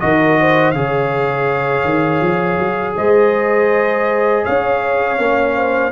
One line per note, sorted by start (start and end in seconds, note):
0.00 0.74 D#3
0.00 0.74 F#4
0.00 0.40 A#4
0.00 0.71 D#5
0.40 0.77 C5
0.71 1.84 C#3
0.71 5.19 G#4
0.71 2.96 C#5
0.71 2.94 F5
1.84 2.21 D#3
2.21 2.58 F3
2.59 2.96 F#3
2.96 4.45 G#3
2.96 4.44 C5
2.96 4.45 D#5
4.44 5.19 C#4
4.44 5.55 C#5
4.44 5.92 F5
5.19 5.92 A#3
5.19 5.92 C#4
5.56 5.92 C5